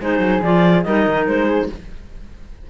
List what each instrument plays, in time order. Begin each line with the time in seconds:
0.00 cello G#3, clarinet D#4 C5, flute G#4
0.18 cello F#3
0.42 cello F3, clarinet F4 D5
0.82 cello G3, clarinet D#4 D#5, flute A#4
1.06 cello D#3
1.26 cello G#3, clarinet C5
1.45 flute G#4